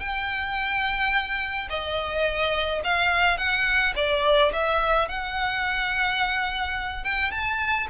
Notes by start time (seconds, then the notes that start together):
0.00 G5
1.69 D#5
2.84 F5
3.37 F#5
3.96 D5
4.53 E5
5.08 F#5
7.04 G5
7.31 A5